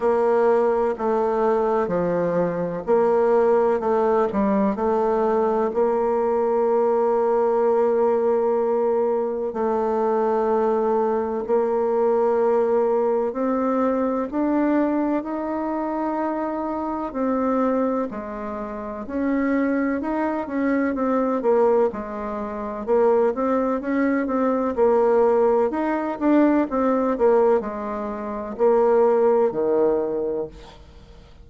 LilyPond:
\new Staff \with { instrumentName = "bassoon" } { \time 4/4 \tempo 4 = 63 ais4 a4 f4 ais4 | a8 g8 a4 ais2~ | ais2 a2 | ais2 c'4 d'4 |
dis'2 c'4 gis4 | cis'4 dis'8 cis'8 c'8 ais8 gis4 | ais8 c'8 cis'8 c'8 ais4 dis'8 d'8 | c'8 ais8 gis4 ais4 dis4 | }